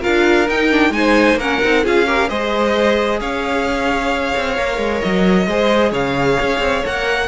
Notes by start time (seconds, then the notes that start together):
0.00 F4 A#4 F5
0.07 D4
0.48 D#4 G5
0.71 D4
0.90 G#3 D#4 G#5
0.97 C5
1.35 A#3 A#4 F#5
1.41 C#4
1.62 C4 D#4
1.83 C#4 F4 G#4 F5
2.06 G4 A#4
2.28 G#3 G#4 C5 D#5
3.20 C#4 C#5 F5
4.36 C4
4.57 A#3 A#4
4.77 G#3
5.01 F#3 D#5
5.47 G#3 G#4 C5
5.90 C#3 C#5 F5
6.41 C#4
6.59 C4
6.85 A#3 A#4 F#5